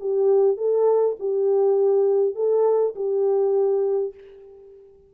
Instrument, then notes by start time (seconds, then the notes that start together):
horn
0.00 G4
0.57 A4
1.19 G4
2.35 A4
2.95 G4